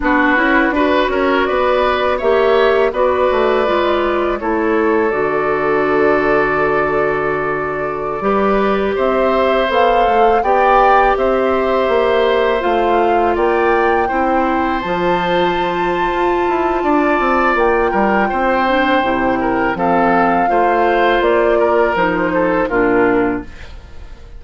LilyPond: <<
  \new Staff \with { instrumentName = "flute" } { \time 4/4 \tempo 4 = 82 b'4. cis''8 d''4 e''4 | d''2 cis''4 d''4~ | d''1~ | d''16 e''4 f''4 g''4 e''8.~ |
e''4~ e''16 f''4 g''4.~ g''16~ | g''16 a''2.~ a''8. | g''2. f''4~ | f''4 d''4 c''4 ais'4 | }
  \new Staff \with { instrumentName = "oboe" } { \time 4/4 fis'4 b'8 ais'8 b'4 cis''4 | b'2 a'2~ | a'2.~ a'16 b'8.~ | b'16 c''2 d''4 c''8.~ |
c''2~ c''16 d''4 c''8.~ | c''2. d''4~ | d''8 ais'8 c''4. ais'8 a'4 | c''4. ais'4 a'8 f'4 | }
  \new Staff \with { instrumentName = "clarinet" } { \time 4/4 d'8 e'8 fis'2 g'4 | fis'4 f'4 e'4 fis'4~ | fis'2.~ fis'16 g'8.~ | g'4~ g'16 a'4 g'4.~ g'16~ |
g'4~ g'16 f'2 e'8.~ | e'16 f'2.~ f'8.~ | f'4. d'8 e'4 c'4 | f'2 dis'4 d'4 | }
  \new Staff \with { instrumentName = "bassoon" } { \time 4/4 b8 cis'8 d'8 cis'8 b4 ais4 | b8 a8 gis4 a4 d4~ | d2.~ d16 g8.~ | g16 c'4 b8 a8 b4 c'8.~ |
c'16 ais4 a4 ais4 c'8.~ | c'16 f4.~ f16 f'8 e'8 d'8 c'8 | ais8 g8 c'4 c4 f4 | a4 ais4 f4 ais,4 | }
>>